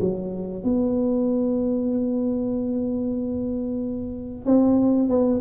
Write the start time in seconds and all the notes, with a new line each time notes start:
0.00 F#3
0.63 B3
4.45 C4
5.09 B3